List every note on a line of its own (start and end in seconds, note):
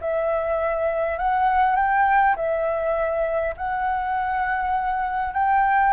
0.00 1.18 E5
1.18 1.76 F#5
1.76 2.35 G5
2.35 3.54 E5
3.57 5.33 F#5
5.33 5.93 G5